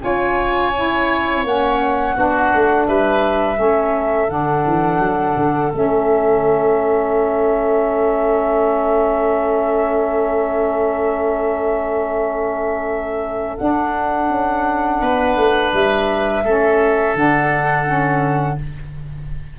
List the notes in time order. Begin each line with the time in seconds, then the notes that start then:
0.00 C#4 F4 C#5 G#5
0.75 E4
1.43 A#3 C#4 F#5
2.15 B3 D4 F#4
2.54 A3
2.87 G3 B4 E5
3.55 A3 C#4 A4
4.28 D3 D4 F#5
4.66 E3
4.99 F#3
5.36 D3
5.71 A3 C#4 E5
13.57 D4 F#5
14.29 C#4
15.00 B3 B4
15.36 A3
15.73 G3 E5
16.43 A3 C#4 A4
17.14 D3 D4 F#5
17.85 C#4